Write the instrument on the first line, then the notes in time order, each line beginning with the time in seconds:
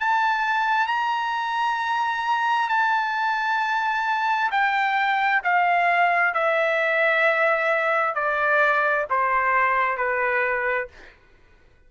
trumpet
0.00 A5
0.87 A#5
2.69 A5
4.51 G5
5.43 F5
6.33 E5
8.14 D5
9.10 C5
9.97 B4